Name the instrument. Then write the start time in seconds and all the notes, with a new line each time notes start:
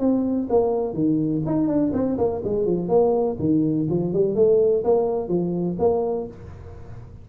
tuba
0.00 C4
0.50 A#3
0.94 D#3
1.46 D#4
1.68 D4
1.94 C4
2.18 A#3
2.44 G#3
2.66 F3
2.89 A#3
3.40 D#3
3.90 F3
4.13 G3
4.35 A3
4.84 A#3
5.29 F3
5.80 A#3